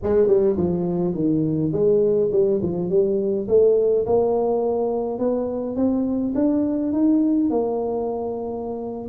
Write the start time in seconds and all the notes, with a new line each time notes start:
0.03 G#3
0.27 G3
0.56 F3
1.14 D#3
1.72 G#3
2.32 G3
2.62 F3
2.89 G3
3.48 A3
4.06 A#3
5.18 B3
5.76 C4
6.35 D4
6.92 D#4
7.50 A#3